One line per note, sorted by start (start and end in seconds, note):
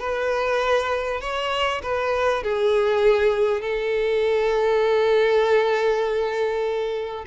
0.00 1.21 B4
1.21 1.82 C#5
1.83 2.44 B4
2.44 3.62 G#4
3.62 7.25 A4